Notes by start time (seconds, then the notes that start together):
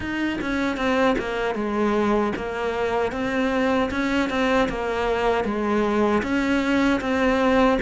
0.00 D#4
0.41 C#4
0.76 C4
1.18 A#3
1.54 G#3
2.36 A#3
3.12 C4
3.90 C#4
4.29 C4
4.68 A#3
5.44 G#3
6.22 C#4
7.01 C4